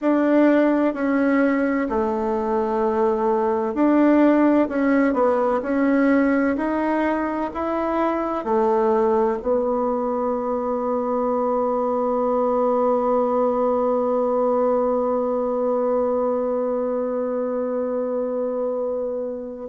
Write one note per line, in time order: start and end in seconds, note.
0.01 0.94 D4
0.94 1.87 C#4
1.89 3.74 A3
3.74 4.68 D4
4.69 5.13 C#4
5.13 5.60 B3
5.62 6.56 C#4
6.56 7.50 D#4
7.54 8.44 E4
8.44 9.38 A3
9.42 19.69 B3